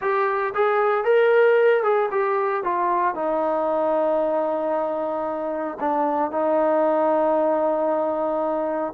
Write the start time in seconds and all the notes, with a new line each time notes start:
0.01 G4
0.54 G#4
1.04 A#4
1.83 G#4
2.11 G4
2.63 F4
3.14 D#4
5.79 D4
6.31 D#4